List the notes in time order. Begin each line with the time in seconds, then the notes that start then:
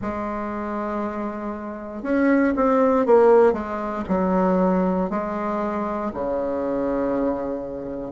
0.01 G#3
2.02 C#4
2.56 C4
3.06 A#3
3.53 G#3
4.08 F#3
5.09 G#3
6.14 C#3